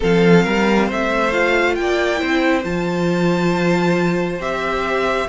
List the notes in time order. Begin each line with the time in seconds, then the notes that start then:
0.00 F3 C4 A4 F5
0.43 G3 A#4
0.86 A3 C5 E5
1.31 F4 F5
1.75 A#3 G5
1.81 D5
2.16 C4 E4 C5
2.63 F3 F4 A5
4.39 C4 G4 E5